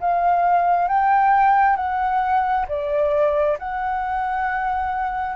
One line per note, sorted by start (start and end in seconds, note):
0.00 0.88 F5
0.88 1.76 G5
1.76 2.65 F#5
2.68 3.57 D5
3.58 5.36 F#5